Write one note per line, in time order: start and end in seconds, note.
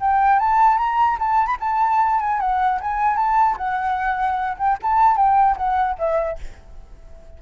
0.00 0.39 G5
0.39 0.78 A5
0.78 1.18 A#5
1.19 1.47 A5
1.47 1.57 B5
1.60 2.20 A5
2.20 2.40 G#5
2.40 2.80 F#5
2.81 3.17 G#5
3.17 3.57 A5
3.57 4.57 F#5
4.57 4.78 G5
4.82 5.17 A5
5.17 5.57 G5
5.57 5.97 F#5
5.99 6.39 E5